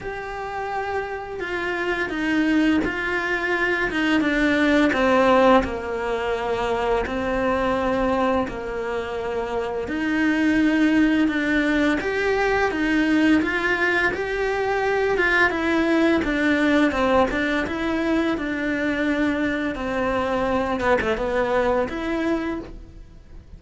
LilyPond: \new Staff \with { instrumentName = "cello" } { \time 4/4 \tempo 4 = 85 g'2 f'4 dis'4 | f'4. dis'8 d'4 c'4 | ais2 c'2 | ais2 dis'2 |
d'4 g'4 dis'4 f'4 | g'4. f'8 e'4 d'4 | c'8 d'8 e'4 d'2 | c'4. b16 a16 b4 e'4 | }